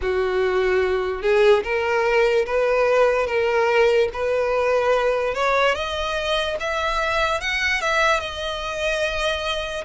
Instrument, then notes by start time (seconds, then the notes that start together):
violin
0.01 F#4
1.22 G#4
1.63 A#4
2.45 B4
3.27 A#4
4.13 B4
5.34 C#5
5.74 D#5
6.60 E5
7.40 F#5
7.81 E5
8.20 D#5